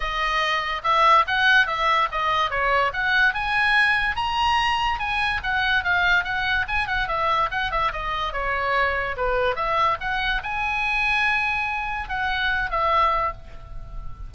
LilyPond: \new Staff \with { instrumentName = "oboe" } { \time 4/4 \tempo 4 = 144 dis''2 e''4 fis''4 | e''4 dis''4 cis''4 fis''4 | gis''2 ais''2 | gis''4 fis''4 f''4 fis''4 |
gis''8 fis''8 e''4 fis''8 e''8 dis''4 | cis''2 b'4 e''4 | fis''4 gis''2.~ | gis''4 fis''4. e''4. | }